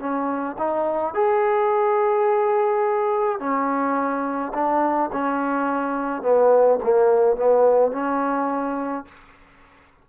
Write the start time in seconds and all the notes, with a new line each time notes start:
0.00 C#4
0.58 D#4
1.14 G#4
3.40 C#4
4.54 D4
5.13 C#4
6.22 B3
6.83 A#3
7.36 B3
7.92 C#4